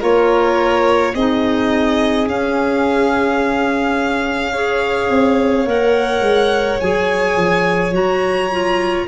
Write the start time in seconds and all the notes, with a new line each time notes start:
0.00 A#3 F4 A#4 C#5
1.15 C4 D#4 G#4 D#5
2.27 C#4 F5
4.53 G#4 C#5
5.10 C4
5.66 A#3 A#4 F#5
6.20 G#3
6.80 F#3 G#4 G#5
7.37 F3
7.91 F#3 F#4 A#5
8.51 F4